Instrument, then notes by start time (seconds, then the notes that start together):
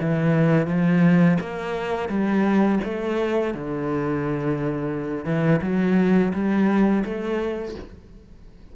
cello
0.00 E3
0.67 F3
1.40 A#3
2.09 G3
2.84 A3
3.54 D3
5.25 E3
5.61 F#3
6.33 G3
7.04 A3